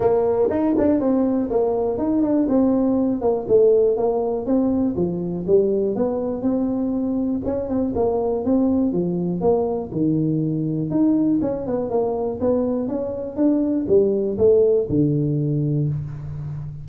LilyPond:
\new Staff \with { instrumentName = "tuba" } { \time 4/4 \tempo 4 = 121 ais4 dis'8 d'8 c'4 ais4 | dis'8 d'8 c'4. ais8 a4 | ais4 c'4 f4 g4 | b4 c'2 cis'8 c'8 |
ais4 c'4 f4 ais4 | dis2 dis'4 cis'8 b8 | ais4 b4 cis'4 d'4 | g4 a4 d2 | }